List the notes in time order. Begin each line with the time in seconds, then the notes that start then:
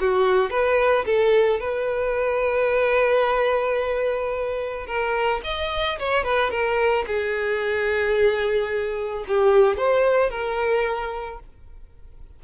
0.00 F#4
0.50 B4
1.06 A4
1.60 B4
4.86 A#4
5.44 D#5
5.99 C#5
6.24 B4
6.50 A#4
7.07 G#4
9.28 G4
9.77 C5
10.30 A#4